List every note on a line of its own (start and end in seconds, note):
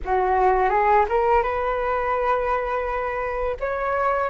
0.05 0.69 F#4
0.69 1.05 G#4
1.08 1.42 A#4
1.42 3.56 B4
3.59 4.30 C#5